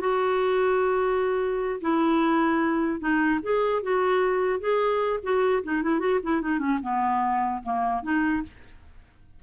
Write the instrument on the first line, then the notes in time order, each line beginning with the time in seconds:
clarinet
0.00 F#4
1.81 E4
2.99 D#4
3.42 G#4
3.82 F#4
4.60 G#4
5.23 F#4
5.63 D#4
5.82 E4
5.99 F#4
6.23 E4
6.41 D#4
6.59 C#4
6.82 B3
7.63 A#3
8.02 D#4